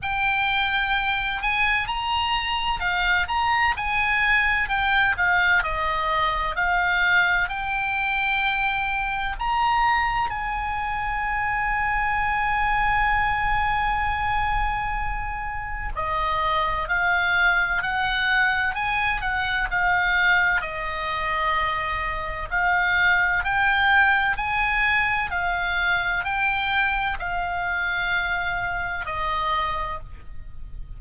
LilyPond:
\new Staff \with { instrumentName = "oboe" } { \time 4/4 \tempo 4 = 64 g''4. gis''8 ais''4 f''8 ais''8 | gis''4 g''8 f''8 dis''4 f''4 | g''2 ais''4 gis''4~ | gis''1~ |
gis''4 dis''4 f''4 fis''4 | gis''8 fis''8 f''4 dis''2 | f''4 g''4 gis''4 f''4 | g''4 f''2 dis''4 | }